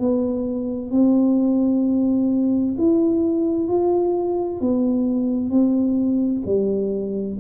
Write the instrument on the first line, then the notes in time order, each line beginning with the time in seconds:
tuba
0.00 B3
0.91 C4
2.78 E4
3.68 F4
4.61 B3
5.50 C4
6.46 G3